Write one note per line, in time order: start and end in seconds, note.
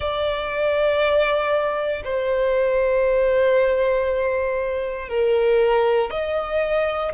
0.00 2.02 D5
2.04 5.08 C5
5.08 6.10 A#4
6.10 7.12 D#5